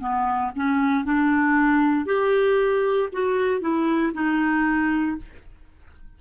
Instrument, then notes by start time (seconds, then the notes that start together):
clarinet
0.00 B3
0.56 C#4
1.05 D4
2.06 G4
3.13 F#4
3.61 E4
4.14 D#4